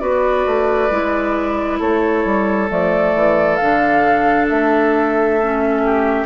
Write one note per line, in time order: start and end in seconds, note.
0.00 0.46 B3
0.00 0.90 F#4
0.00 1.80 B4
0.00 1.79 D5
0.46 0.91 A3
0.91 1.80 G#3
0.91 2.69 E4
1.80 2.25 A3
1.80 5.83 A4
1.80 2.70 C#5
2.25 2.70 G3
2.69 3.15 F3
2.69 3.59 A3
2.69 3.57 D5
3.15 3.60 E3
3.57 4.50 D3
3.57 5.41 D4
3.57 4.46 F5
4.49 6.26 A3
4.49 6.26 E5
5.43 6.26 C#4
5.84 6.26 G4